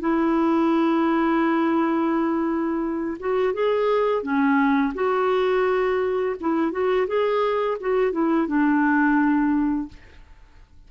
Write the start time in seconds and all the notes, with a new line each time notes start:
0.00 E4
3.20 F#4
3.54 G#4
4.23 C#4
4.94 F#4
6.40 E4
6.72 F#4
7.07 G#4
7.80 F#4
8.12 E4
8.47 D4